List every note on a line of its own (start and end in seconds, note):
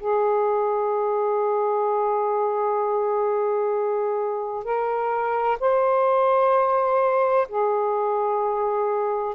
0.00 4.64 G#4
4.64 5.58 A#4
5.60 7.48 C5
7.49 9.35 G#4